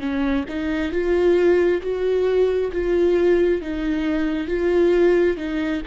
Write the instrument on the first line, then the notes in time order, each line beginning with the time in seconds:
viola
0.00 C#4
0.49 D#4
0.92 F4
1.82 F#4
2.73 F4
3.61 D#4
4.48 F4
5.38 D#4